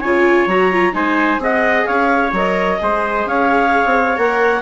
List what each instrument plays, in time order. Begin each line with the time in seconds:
0.00 bassoon C#3, viola F4, trumpet C#5, clarinet G#5
0.46 bassoon F#3, viola F#4, clarinet A#5
0.72 viola F4
0.92 bassoon G#3, viola D#4, trumpet C5, clarinet G#5
1.38 bassoon C4, viola G#4, trumpet D#5, clarinet F#5
1.85 bassoon C#4, trumpet C#5, clarinet F5
2.32 bassoon F#3, viola A#4, clarinet D#5
2.78 bassoon G#3, viola G#4, trumpet C5
3.25 bassoon C#4, trumpet C#5, clarinet F5
3.85 bassoon C4
4.16 bassoon A#3, viola A#4, clarinet F#5